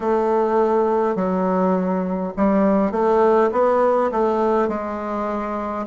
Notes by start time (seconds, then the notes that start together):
0.00 A3
1.15 F#3
2.36 G3
2.91 A3
3.52 B3
4.11 A3
4.68 G#3